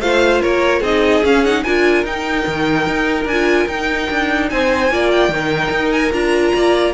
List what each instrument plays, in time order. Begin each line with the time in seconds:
0.00 cello A3, viola F4, violin C5 F5
0.42 cello A#3, violin A#4 C#5
0.80 cello C4, viola D#4, violin G#4 D#5
1.24 cello C#4, viola C#4, violin F5
1.45 viola D#4, violin F#5
1.63 cello D4, viola F4, violin A#4 G#5
2.04 cello D#4, viola D#4, violin G5
2.47 cello D#3
2.87 cello D#4
3.25 cello D4, violin G#5
3.32 viola F4
3.68 cello D#4, viola D#4, violin G5
4.10 cello D4
4.49 cello C4, violin C5 G#5
4.91 cello A#3, viola F4, violin D5
5.11 violin G5
5.29 cello D#3, viola D#4, violin A#4
5.70 cello D#4
5.92 violin G#5
6.12 cello D4, viola F4, violin A#5
6.54 cello A#3, violin D5